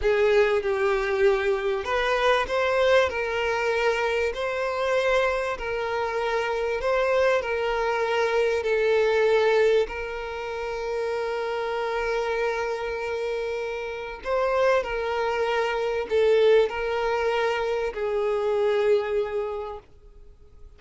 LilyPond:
\new Staff \with { instrumentName = "violin" } { \time 4/4 \tempo 4 = 97 gis'4 g'2 b'4 | c''4 ais'2 c''4~ | c''4 ais'2 c''4 | ais'2 a'2 |
ais'1~ | ais'2. c''4 | ais'2 a'4 ais'4~ | ais'4 gis'2. | }